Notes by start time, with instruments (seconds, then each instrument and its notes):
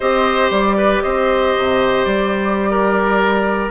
0.00 bassoon C4, clarinet G4, oboe C5, flute D#5
0.50 bassoon G3, flute D5
0.77 oboe B4
1.02 bassoon C4, oboe C5, flute D#5
1.57 bassoon C3
2.04 bassoon G3, flute D5
2.70 oboe A#4